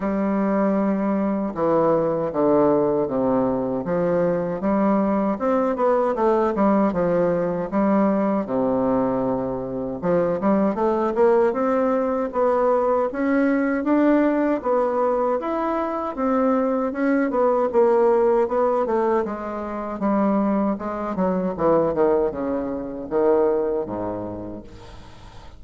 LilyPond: \new Staff \with { instrumentName = "bassoon" } { \time 4/4 \tempo 4 = 78 g2 e4 d4 | c4 f4 g4 c'8 b8 | a8 g8 f4 g4 c4~ | c4 f8 g8 a8 ais8 c'4 |
b4 cis'4 d'4 b4 | e'4 c'4 cis'8 b8 ais4 | b8 a8 gis4 g4 gis8 fis8 | e8 dis8 cis4 dis4 gis,4 | }